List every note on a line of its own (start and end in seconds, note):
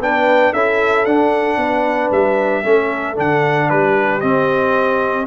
0.00 0.53 B3
0.00 0.55 D4
0.00 0.53 B4
0.00 0.54 G5
0.53 1.06 C#4
0.53 1.07 E4
0.53 1.58 A4
0.53 1.05 E5
1.05 1.57 D4
1.05 2.64 D4
1.05 2.11 F#5
1.57 2.09 B3
1.57 2.63 B4
2.11 2.64 G3
2.11 3.17 E5
2.63 3.18 A3
2.63 3.16 C#4
2.63 3.69 A4
3.16 3.70 D3
3.16 4.21 D4
3.16 3.70 F#5
3.70 4.23 G3
3.70 5.27 G4
3.70 4.21 B4
4.21 5.27 C4
4.21 5.26 D#5